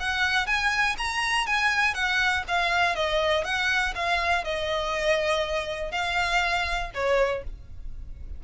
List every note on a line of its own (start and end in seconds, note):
0.00 0.47 F#5
0.47 0.96 G#5
0.98 1.47 A#5
1.47 1.95 G#5
1.95 2.44 F#5
2.48 2.96 F5
2.96 3.45 D#5
3.45 3.94 F#5
3.95 4.44 F5
4.44 5.92 D#5
5.92 6.91 F5
6.94 7.44 C#5